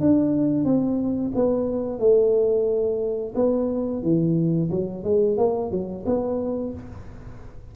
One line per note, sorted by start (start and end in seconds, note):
0.00 0.64 D4
0.64 1.31 C4
1.35 1.99 B3
1.99 3.33 A3
3.35 4.02 B3
4.02 4.70 E3
4.70 5.03 F#3
5.03 5.37 G#3
5.37 5.71 A#3
5.71 6.04 F#3
6.06 6.73 B3